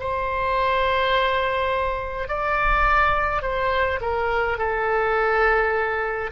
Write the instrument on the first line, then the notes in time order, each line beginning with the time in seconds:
oboe
0.00 C5
2.28 D5
3.42 C5
4.01 A#4
4.58 A4